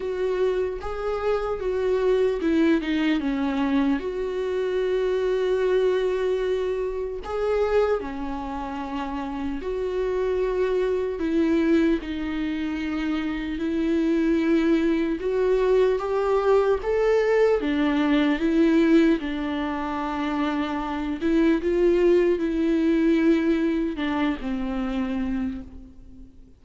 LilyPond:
\new Staff \with { instrumentName = "viola" } { \time 4/4 \tempo 4 = 75 fis'4 gis'4 fis'4 e'8 dis'8 | cis'4 fis'2.~ | fis'4 gis'4 cis'2 | fis'2 e'4 dis'4~ |
dis'4 e'2 fis'4 | g'4 a'4 d'4 e'4 | d'2~ d'8 e'8 f'4 | e'2 d'8 c'4. | }